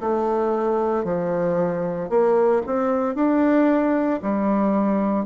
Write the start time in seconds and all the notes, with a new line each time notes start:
0.00 A3
1.04 F3
2.09 A#3
2.66 C4
3.15 D4
4.22 G3